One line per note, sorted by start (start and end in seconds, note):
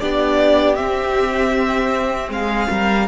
0.00 0.79 B3
0.00 0.77 D4
0.00 2.31 G4
0.00 0.76 D5
0.76 3.07 C4
0.76 2.29 C4
0.76 2.29 E5
2.29 2.67 G#3
2.29 3.08 F5
2.35 2.72 G#4
2.71 3.08 G3
2.71 3.08 A#4